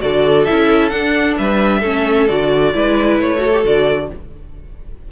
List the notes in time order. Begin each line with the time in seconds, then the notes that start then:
0.00 D3 F#4 A4 D5
0.45 C#4 E4 E5
0.89 D4 F#5
1.37 G3 B4 E5
1.79 A3 C#4 A4
2.27 D3 F#4 D5
2.73 G#3 E4 B4
3.19 A3 C#5
3.37 F#4 A4
3.53 G4
3.63 D3 F#4 D5